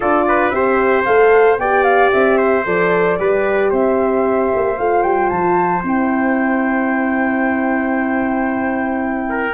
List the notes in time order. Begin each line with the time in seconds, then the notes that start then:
0.00 D4 F4 A4 D5
0.28 B4
0.50 C4 G4 C5 E5
1.04 A3 A4 F5
1.58 B3 G4 D5 G5
1.83 F5
2.12 C4 E5
2.37 C5
2.65 F3 A4 D5
3.18 G3 G4 B4
3.70 C4 C5 E5
4.55 A#3
4.77 A3 F4 F5
5.02 G3 G5
5.29 F3 A5
5.83 C4 E4 G5
9.29 A#4